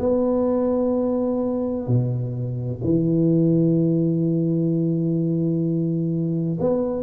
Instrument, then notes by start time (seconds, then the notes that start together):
tuba
0.00 B3
1.87 B2
2.84 E3
6.61 B3